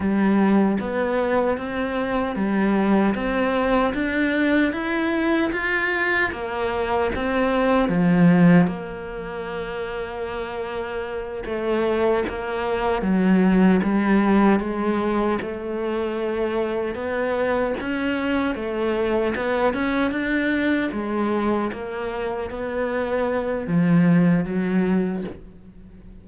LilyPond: \new Staff \with { instrumentName = "cello" } { \time 4/4 \tempo 4 = 76 g4 b4 c'4 g4 | c'4 d'4 e'4 f'4 | ais4 c'4 f4 ais4~ | ais2~ ais8 a4 ais8~ |
ais8 fis4 g4 gis4 a8~ | a4. b4 cis'4 a8~ | a8 b8 cis'8 d'4 gis4 ais8~ | ais8 b4. f4 fis4 | }